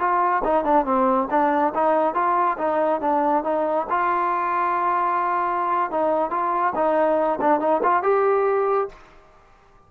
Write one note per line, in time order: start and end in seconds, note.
0.00 0.43 F4
0.44 0.64 D#4
0.64 0.86 D4
0.86 1.28 C4
1.31 1.74 D4
1.75 2.14 D#4
2.14 2.57 F4
2.58 3.01 D#4
3.01 3.44 D4
3.44 3.87 D#4
3.90 5.91 F4
5.91 6.31 D#4
6.31 6.74 F4
6.75 7.39 D#4
7.41 7.60 D4
7.60 7.82 D#4
7.83 8.03 F4
8.03 8.89 G4